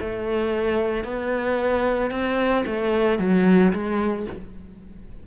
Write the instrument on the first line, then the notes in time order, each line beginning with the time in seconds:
cello
0.00 A3
1.04 B3
2.10 C4
2.66 A3
3.19 F#3
3.73 G#3